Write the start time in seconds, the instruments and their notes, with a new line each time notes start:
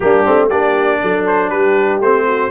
0.00 tuba G3, trombone A#3, horn D4, trumpet G4
0.24 tuba A3, trombone C4
0.48 tuba A#3, trombone D4, horn G4, trumpet D5
1.02 tuba F#3, horn A4
1.26 trumpet C5
1.49 tuba G3, horn G4, trumpet B4
2.00 tuba A3, trombone C4, trumpet C5
2.26 horn F#4